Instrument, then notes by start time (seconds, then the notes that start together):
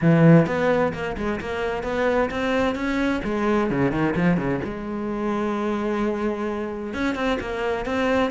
cello
0.01 E3
0.46 B3
0.93 A#3
1.17 G#3
1.40 A#3
1.83 B3
2.30 C4
2.75 C#4
3.24 G#3
3.70 C#3
3.91 D#3
4.16 F3
4.37 C#3
4.64 G#3
6.93 C#4
7.15 C4
7.40 A#3
7.85 C4